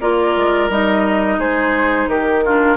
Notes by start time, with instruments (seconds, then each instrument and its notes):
0.00 bassoon A#3, clarinet F4, oboe A#4, flute D5
0.36 bassoon G#3
0.69 bassoon G3, clarinet D#4, flute D#5
1.38 bassoon G#3, oboe G#4, flute C5
2.06 bassoon D#3, oboe G4, flute A#4
2.45 clarinet D4, oboe F4